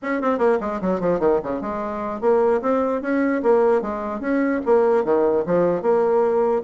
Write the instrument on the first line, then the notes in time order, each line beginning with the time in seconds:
bassoon
0.02 C#4
0.21 C4
0.38 A#3
0.60 G#3
0.81 F#3
1.00 F3
1.19 D#3
1.43 C#3
1.61 G#3
2.21 A#3
2.61 C4
3.01 C#4
3.42 A#3
3.81 G#3
4.20 C#4
4.65 A#3
5.04 D#3
5.46 F3
5.82 A#3